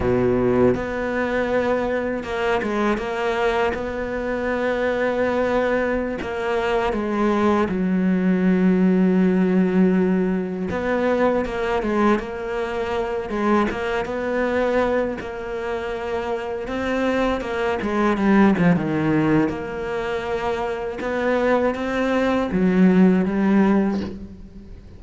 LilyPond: \new Staff \with { instrumentName = "cello" } { \time 4/4 \tempo 4 = 80 b,4 b2 ais8 gis8 | ais4 b2.~ | b16 ais4 gis4 fis4.~ fis16~ | fis2~ fis16 b4 ais8 gis16~ |
gis16 ais4. gis8 ais8 b4~ b16~ | b16 ais2 c'4 ais8 gis16~ | gis16 g8 f16 dis4 ais2 | b4 c'4 fis4 g4 | }